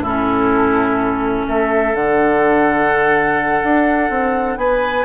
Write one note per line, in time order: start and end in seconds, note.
0.00 1.44 A2
0.00 1.96 C#4
0.00 1.47 E4
0.00 1.48 A4
1.48 1.95 A3
1.48 4.59 A4
1.48 1.95 E5
1.95 3.62 D3
1.95 5.05 D4
1.95 4.58 F#5
3.64 4.10 D4
4.10 4.57 C4
4.57 5.05 B3
4.57 5.05 B4
4.57 5.05 G#5